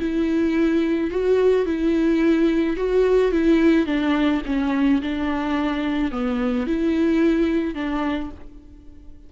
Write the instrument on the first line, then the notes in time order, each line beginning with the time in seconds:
viola
0.00 E4
1.11 F#4
1.66 E4
2.77 F#4
3.32 E4
3.87 D4
4.46 C#4
5.02 D4
6.12 B3
6.67 E4
7.75 D4